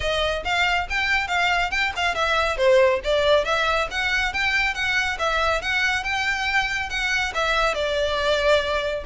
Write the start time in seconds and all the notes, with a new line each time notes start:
0.00 D#5
0.44 F5
0.89 G5
1.27 F5
1.71 G5
1.95 F5
2.14 E5
2.57 C5
3.03 D5
3.44 E5
3.90 F#5
4.33 G5
4.74 F#5
5.18 E5
5.61 F#5
6.03 G5
6.89 F#5
7.34 E5
7.74 D5